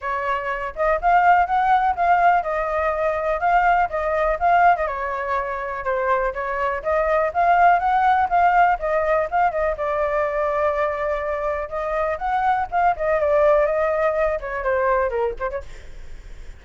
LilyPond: \new Staff \with { instrumentName = "flute" } { \time 4/4 \tempo 4 = 123 cis''4. dis''8 f''4 fis''4 | f''4 dis''2 f''4 | dis''4 f''8. dis''16 cis''2 | c''4 cis''4 dis''4 f''4 |
fis''4 f''4 dis''4 f''8 dis''8 | d''1 | dis''4 fis''4 f''8 dis''8 d''4 | dis''4. cis''8 c''4 ais'8 c''16 cis''16 | }